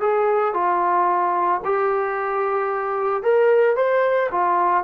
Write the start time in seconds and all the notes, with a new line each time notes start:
0.00 G#4
0.54 F4
1.65 G4
3.23 A#4
3.76 C5
4.31 F4